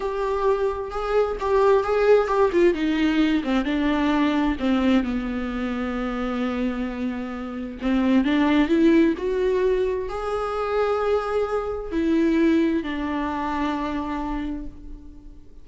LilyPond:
\new Staff \with { instrumentName = "viola" } { \time 4/4 \tempo 4 = 131 g'2 gis'4 g'4 | gis'4 g'8 f'8 dis'4. c'8 | d'2 c'4 b4~ | b1~ |
b4 c'4 d'4 e'4 | fis'2 gis'2~ | gis'2 e'2 | d'1 | }